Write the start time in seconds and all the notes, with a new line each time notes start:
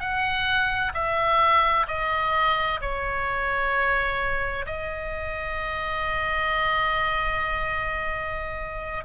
0.00 F#5
0.94 E5
1.88 D#5
2.81 C#5
4.66 D#5